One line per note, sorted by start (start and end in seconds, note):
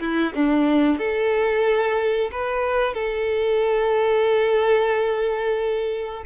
0.00 0.33 E4
0.35 0.98 D4
0.98 2.30 A4
2.32 2.94 B4
2.94 6.24 A4